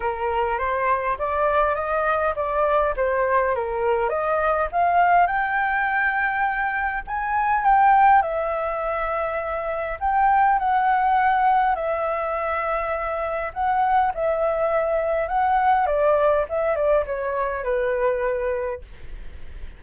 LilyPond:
\new Staff \with { instrumentName = "flute" } { \time 4/4 \tempo 4 = 102 ais'4 c''4 d''4 dis''4 | d''4 c''4 ais'4 dis''4 | f''4 g''2. | gis''4 g''4 e''2~ |
e''4 g''4 fis''2 | e''2. fis''4 | e''2 fis''4 d''4 | e''8 d''8 cis''4 b'2 | }